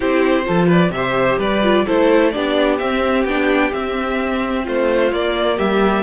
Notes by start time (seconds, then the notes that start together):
0.00 C4 E4 G4 C5
0.44 F3 F4 A4
0.66 B4 D5
0.90 C3 G4 E5
0.96 C5
1.38 G3 B4 D5
1.62 F4
1.85 A3 E4 A4 C5
2.30 B3 D4 G4 D5
2.78 C4 E5
3.24 B3 D4 G5
3.70 C4 E5
4.63 A3 F4 C5
5.11 A#3 D5
5.56 G3 G4 E5